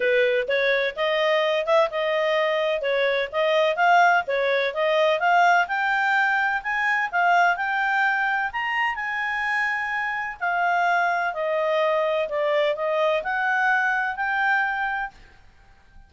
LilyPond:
\new Staff \with { instrumentName = "clarinet" } { \time 4/4 \tempo 4 = 127 b'4 cis''4 dis''4. e''8 | dis''2 cis''4 dis''4 | f''4 cis''4 dis''4 f''4 | g''2 gis''4 f''4 |
g''2 ais''4 gis''4~ | gis''2 f''2 | dis''2 d''4 dis''4 | fis''2 g''2 | }